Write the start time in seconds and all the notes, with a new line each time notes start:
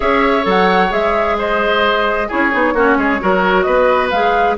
0.00 C#4 G#4 C#5 E5
0.43 F#3 A4 F#5
0.90 G#3 G#4 E5
1.38 C5 D#5
2.28 C#4 E4 G#4 C#5
2.52 B3 D#4
2.73 A#3 C#4 F#4
2.97 G#3 G#4
3.20 F#3 F#4 A#4
3.62 B3 B4 D#5
4.10 G#3 G#4 F5